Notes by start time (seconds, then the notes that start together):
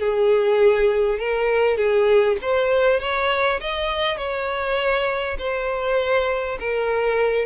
0.00 G#4
1.19 A#4
1.78 G#4
2.42 C5
3.01 C#5
3.61 D#5
4.18 C#5
5.39 C5
6.60 A#4